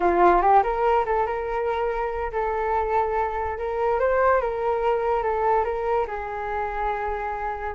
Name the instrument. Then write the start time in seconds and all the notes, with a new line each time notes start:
flute
0.00 F4
0.41 G4
0.63 A#4
1.05 A4
1.26 A#4
2.32 A4
3.58 A#4
3.99 C5
4.41 A#4
5.22 A4
5.64 A#4
6.07 G#4